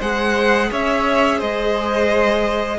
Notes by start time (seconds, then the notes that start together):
0.00 G#3 G#4 C5 F#5
0.71 C#4 C#5 E5
1.39 G#3 C5 D#5